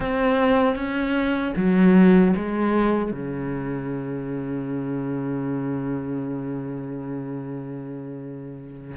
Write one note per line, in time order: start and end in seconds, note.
0.00 0.75 C4
0.75 1.53 C#4
1.56 2.34 F#3
2.36 3.11 G#3
3.11 8.95 C#3